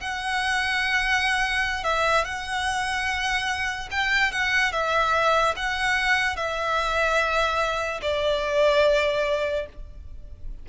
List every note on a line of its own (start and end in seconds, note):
0.00 1.83 F#5
1.83 2.24 E5
2.24 3.89 F#5
3.91 4.32 G5
4.32 4.72 F#5
4.72 5.54 E5
5.56 6.36 F#5
6.36 8.01 E5
8.02 9.66 D5